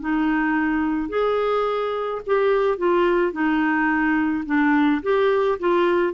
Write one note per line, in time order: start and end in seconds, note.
0.00 1.09 D#4
1.09 2.21 G#4
2.26 2.78 G4
2.78 3.32 F4
3.32 4.44 D#4
4.46 5.02 D4
5.02 5.58 G4
5.59 6.13 F4